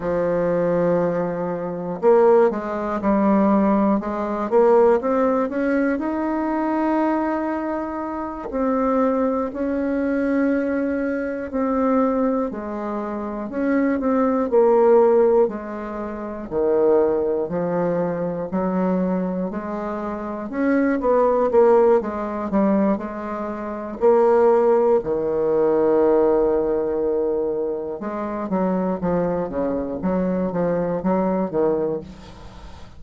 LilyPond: \new Staff \with { instrumentName = "bassoon" } { \time 4/4 \tempo 4 = 60 f2 ais8 gis8 g4 | gis8 ais8 c'8 cis'8 dis'2~ | dis'8 c'4 cis'2 c'8~ | c'8 gis4 cis'8 c'8 ais4 gis8~ |
gis8 dis4 f4 fis4 gis8~ | gis8 cis'8 b8 ais8 gis8 g8 gis4 | ais4 dis2. | gis8 fis8 f8 cis8 fis8 f8 fis8 dis8 | }